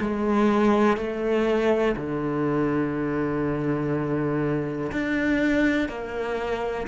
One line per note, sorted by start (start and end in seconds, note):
0.00 0.97 G#3
0.97 1.95 A3
1.96 4.91 D3
4.91 5.88 D4
5.88 6.87 A#3